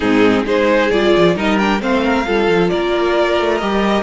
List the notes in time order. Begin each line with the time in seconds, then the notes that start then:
0.00 G#2 C4 D#4 G#4
0.44 G#3 D#4 G#4 C5
0.90 G3 F4 D5
1.16 F3
1.36 G3 D#4 A#4 D#5
1.58 D4 G5
1.79 A3 C4 C5 F5
2.04 A#4
2.25 G3 F4 A4
2.47 F3
2.69 A#3 A#4 D5
3.39 A3
3.58 G3 G4 D#5